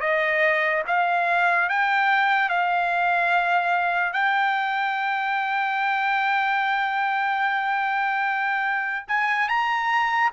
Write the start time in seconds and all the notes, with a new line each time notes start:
0.00 D#5
0.87 F5
1.69 G5
2.49 F5
4.12 G5
9.07 G#5
9.48 A#5